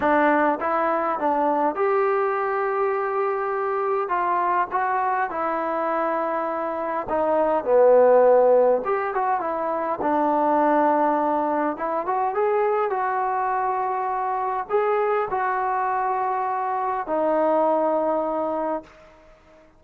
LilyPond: \new Staff \with { instrumentName = "trombone" } { \time 4/4 \tempo 4 = 102 d'4 e'4 d'4 g'4~ | g'2. f'4 | fis'4 e'2. | dis'4 b2 g'8 fis'8 |
e'4 d'2. | e'8 fis'8 gis'4 fis'2~ | fis'4 gis'4 fis'2~ | fis'4 dis'2. | }